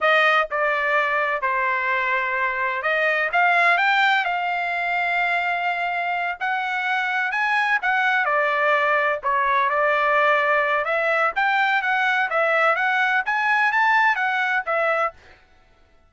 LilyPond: \new Staff \with { instrumentName = "trumpet" } { \time 4/4 \tempo 4 = 127 dis''4 d''2 c''4~ | c''2 dis''4 f''4 | g''4 f''2.~ | f''4. fis''2 gis''8~ |
gis''8 fis''4 d''2 cis''8~ | cis''8 d''2~ d''8 e''4 | g''4 fis''4 e''4 fis''4 | gis''4 a''4 fis''4 e''4 | }